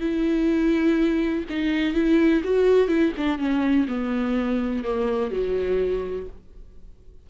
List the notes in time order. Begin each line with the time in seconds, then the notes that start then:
0.00 E4
1.49 D#4
1.94 E4
2.44 F#4
2.88 E4
3.17 D4
3.38 C#4
3.88 B3
4.84 A#3
5.30 F#3